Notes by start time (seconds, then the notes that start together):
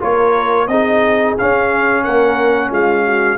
0.00 A#3 F4 A#4 C#5
0.67 C4 D#4 G#4 D#5
1.38 C#4 F5
2.04 A#3 A#4 F#5
2.70 G#3 F4 F5
3.06 F#4